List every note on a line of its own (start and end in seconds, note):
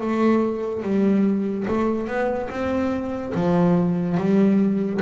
0.00 0.82 A3
0.82 1.66 G3
1.67 2.07 A3
2.07 2.48 B3
2.49 3.33 C4
3.34 4.17 F3
4.17 5.00 G3